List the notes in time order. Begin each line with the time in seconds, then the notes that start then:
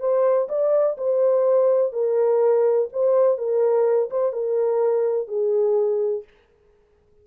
0.00 C5
0.48 D5
0.98 C5
1.92 A#4
2.92 C5
3.38 A#4
4.10 C5
4.33 A#4
5.28 G#4